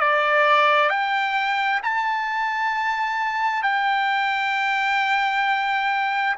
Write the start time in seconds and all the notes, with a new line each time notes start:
0.00 D5
0.90 G5
1.83 A5
3.63 G5